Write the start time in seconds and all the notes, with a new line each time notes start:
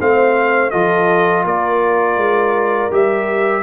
0.00 A3 C4 C5 F5
0.70 F3 F4 A4 D#5
1.44 A#3 A#4 D5
2.16 G#3
2.91 G3 G4 E5